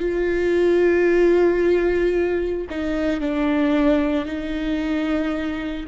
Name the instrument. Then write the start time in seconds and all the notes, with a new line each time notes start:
viola
0.00 F4
2.70 D#4
3.20 D4
4.26 D#4